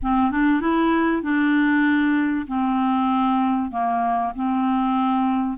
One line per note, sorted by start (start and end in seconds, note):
0.02 0.31 C4
0.31 0.60 D4
0.60 1.22 E4
1.22 2.46 D4
2.47 3.71 C4
3.71 4.32 A#3
4.35 5.57 C4